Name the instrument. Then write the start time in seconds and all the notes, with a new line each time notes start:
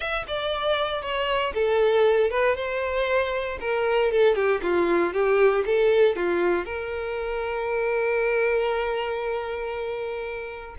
violin
0.00 E5
0.27 D5
1.01 C#5
1.54 A4
2.30 B4
2.55 C5
3.60 A#4
4.11 A4
4.34 G4
4.62 F4
5.13 G4
5.65 A4
6.16 F4
6.65 A#4